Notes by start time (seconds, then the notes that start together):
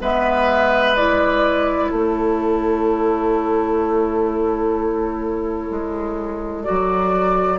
0.00 G#3 B3 B4 E5
0.96 E4 D5
1.90 A3 A4 C#5
5.70 G#3
6.63 F#3 F#4 D5